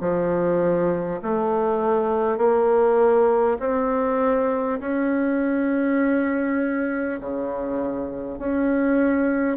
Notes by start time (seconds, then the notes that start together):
0.00 F3
1.22 A3
2.37 A#3
3.59 C4
4.79 C#4
7.20 C#3
8.38 C#4